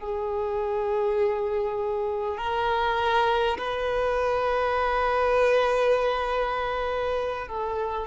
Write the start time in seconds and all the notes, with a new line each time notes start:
0.00 G#4
2.37 A#4
3.57 B4
7.47 A4